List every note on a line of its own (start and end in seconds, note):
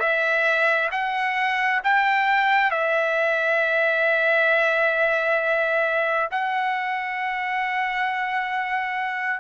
0.00 0.90 E5
0.92 1.81 F#5
1.84 2.71 G5
2.71 6.29 E5
6.31 9.40 F#5